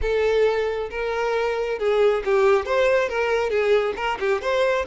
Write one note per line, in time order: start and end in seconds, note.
0.01 0.89 A4
0.90 1.78 A#4
1.78 2.23 G#4
2.24 2.65 G4
2.65 3.08 C5
3.08 3.50 A#4
3.50 3.94 G#4
3.96 4.18 A#4
4.19 4.41 G4
4.41 4.85 C5